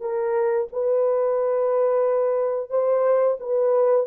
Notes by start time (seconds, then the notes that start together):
0.00 A#4
0.72 B4
2.69 C5
3.40 B4